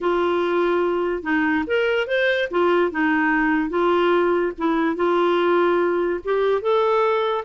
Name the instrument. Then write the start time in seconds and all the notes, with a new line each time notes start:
clarinet
0.01 F4
1.22 D#4
1.66 A#4
2.07 C5
2.51 F4
2.91 D#4
3.69 F4
4.58 E4
4.95 F4
6.24 G4
6.61 A4